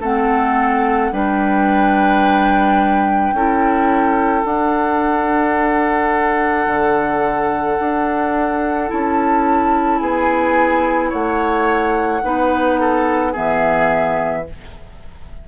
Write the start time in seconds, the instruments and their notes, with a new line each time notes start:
0.00 bassoon A3, clarinet C4, oboe A4, flute F#5
1.12 bassoon G3, clarinet D4, oboe B4, flute G5
3.32 bassoon C#4, clarinet E4, oboe A4
4.45 bassoon D4, clarinet D4, flute F#5
6.66 bassoon D3
7.79 bassoon D4
8.88 bassoon C#4, clarinet E4, flute A5
9.99 bassoon B3, oboe G#4, flute G#5
11.09 bassoon A3, oboe C#5, flute F#5
12.23 bassoon B3, clarinet D#4, oboe B4
12.80 oboe A4
13.32 bassoon E3, clarinet B3, oboe G#4, flute E5